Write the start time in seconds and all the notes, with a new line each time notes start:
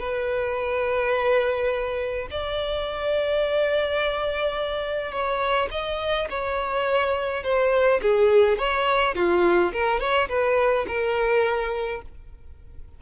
0.00 B4
2.31 D5
5.12 C#5
5.71 D#5
6.30 C#5
7.44 C5
8.02 G#4
8.59 C#5
9.16 F4
9.73 A#4
10.00 C#5
10.29 B4
10.88 A#4